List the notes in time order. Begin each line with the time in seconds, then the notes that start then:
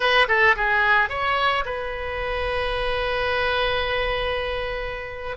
0.00 B4
0.28 A4
0.56 G#4
1.09 C#5
1.65 B4